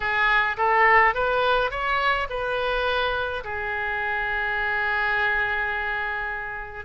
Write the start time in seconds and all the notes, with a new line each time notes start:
0.00 G#4
0.57 A4
1.14 B4
1.70 C#5
2.29 B4
3.44 G#4